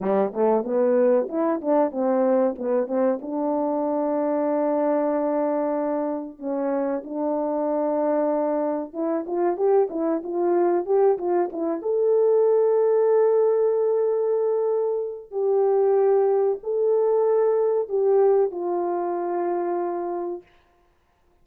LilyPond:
\new Staff \with { instrumentName = "horn" } { \time 4/4 \tempo 4 = 94 g8 a8 b4 e'8 d'8 c'4 | b8 c'8 d'2.~ | d'2 cis'4 d'4~ | d'2 e'8 f'8 g'8 e'8 |
f'4 g'8 f'8 e'8 a'4.~ | a'1 | g'2 a'2 | g'4 f'2. | }